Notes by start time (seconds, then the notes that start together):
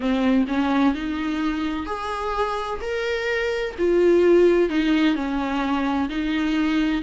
0.00 C4
0.47 C#4
0.94 D#4
1.86 G#4
2.81 A#4
3.78 F4
4.69 D#4
5.15 C#4
6.09 D#4